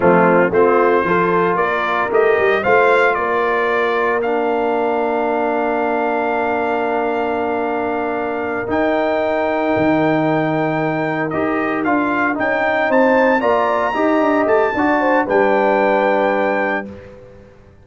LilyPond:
<<
  \new Staff \with { instrumentName = "trumpet" } { \time 4/4 \tempo 4 = 114 f'4 c''2 d''4 | dis''4 f''4 d''2 | f''1~ | f''1~ |
f''8 g''2.~ g''8~ | g''4. dis''4 f''4 g''8~ | g''8 a''4 ais''2 a''8~ | a''4 g''2. | }
  \new Staff \with { instrumentName = "horn" } { \time 4/4 c'4 f'4 a'4 ais'4~ | ais'4 c''4 ais'2~ | ais'1~ | ais'1~ |
ais'1~ | ais'1~ | ais'8 c''4 d''4 dis''4. | d''8 c''8 b'2. | }
  \new Staff \with { instrumentName = "trombone" } { \time 4/4 a4 c'4 f'2 | g'4 f'2. | d'1~ | d'1~ |
d'8 dis'2.~ dis'8~ | dis'4. g'4 f'4 dis'8~ | dis'4. f'4 g'4. | fis'4 d'2. | }
  \new Staff \with { instrumentName = "tuba" } { \time 4/4 f4 a4 f4 ais4 | a8 g8 a4 ais2~ | ais1~ | ais1~ |
ais8 dis'2 dis4.~ | dis4. dis'4 d'4 cis'8~ | cis'8 c'4 ais4 dis'8 d'8 a8 | d'4 g2. | }
>>